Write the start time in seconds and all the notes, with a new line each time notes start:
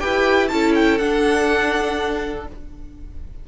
0.00 E4 G4 B4 G5
0.48 C#4 E4 A4 A5
0.75 G5
0.98 D4 F#5